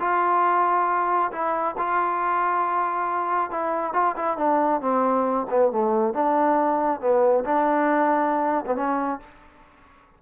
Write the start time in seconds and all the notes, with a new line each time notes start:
0.00 F4
1.32 E4
1.78 F4
3.51 E4
3.93 F4
4.16 E4
4.38 D4
4.81 C4
5.50 B3
5.72 A3
6.14 D4
7.01 B3
7.45 D4
8.66 B3
8.76 C#4